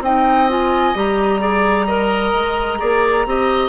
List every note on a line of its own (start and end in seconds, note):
0.00 0.92 C4
0.00 0.49 D#4
0.00 1.41 D#5
0.00 0.50 G5
0.49 0.95 F4
0.49 0.97 G#5
0.95 2.33 G3
0.95 1.40 G4
0.95 3.69 A#5
1.40 1.86 G#4
1.40 1.86 D5
1.86 2.79 A#4
1.86 2.78 D#5
2.34 2.80 G#3
2.79 3.26 A#3
2.79 3.25 G#4
2.79 3.26 D5
3.26 3.69 C4
3.26 3.69 G4
3.26 3.69 D#5